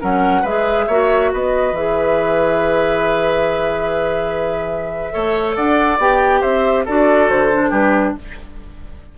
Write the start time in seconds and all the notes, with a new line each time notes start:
0.00 F#3 C#4 A#4 F#5
0.42 G#3 G#4 B4 E5
0.87 A#3 F#4 C#5
1.33 B3 B4 D#5
1.72 E3 G#4 E5
5.12 A3 A4 C#5
5.55 D4 D5 F#5
5.98 B3 G4 G5
6.41 C4 C5 E5
6.85 D4 F#4 A4 D5
7.30 D3 C5
7.53 D4
7.70 G3 G4 B4